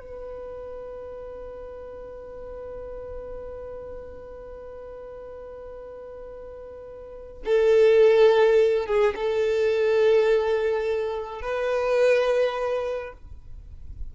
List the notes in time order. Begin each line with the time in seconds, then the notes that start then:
0.00 B4
7.45 A4
8.86 G#4
9.16 A4
11.42 B4